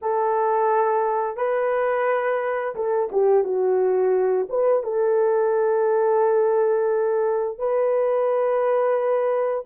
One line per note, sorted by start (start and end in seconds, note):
0.01 1.36 A4
1.36 2.74 B4
2.75 3.09 A4
3.12 3.44 G4
3.44 4.47 F#4
4.49 4.83 B4
4.83 7.58 A4
7.58 9.65 B4